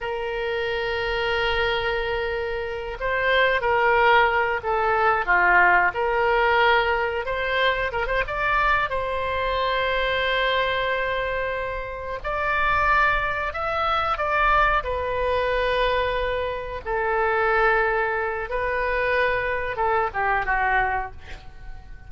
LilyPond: \new Staff \with { instrumentName = "oboe" } { \time 4/4 \tempo 4 = 91 ais'1~ | ais'8 c''4 ais'4. a'4 | f'4 ais'2 c''4 | ais'16 c''16 d''4 c''2~ c''8~ |
c''2~ c''8 d''4.~ | d''8 e''4 d''4 b'4.~ | b'4. a'2~ a'8 | b'2 a'8 g'8 fis'4 | }